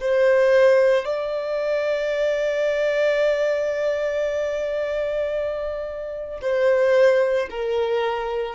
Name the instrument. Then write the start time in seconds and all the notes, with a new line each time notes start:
violin
0.00 C5
1.05 D5
6.41 C5
7.50 A#4